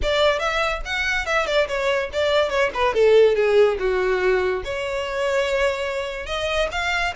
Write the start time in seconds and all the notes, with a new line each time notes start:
0.02 D5
0.39 E5
0.85 F#5
1.25 E5
1.46 D5
1.68 C#5
2.12 D5
2.49 C#5
2.73 B4
2.94 A4
3.35 G#4
3.79 F#4
4.64 C#5
6.26 D#5
6.71 F5